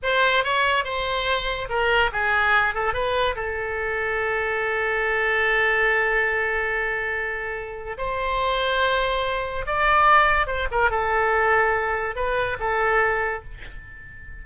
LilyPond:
\new Staff \with { instrumentName = "oboe" } { \time 4/4 \tempo 4 = 143 c''4 cis''4 c''2 | ais'4 gis'4. a'8 b'4 | a'1~ | a'1~ |
a'2. c''4~ | c''2. d''4~ | d''4 c''8 ais'8 a'2~ | a'4 b'4 a'2 | }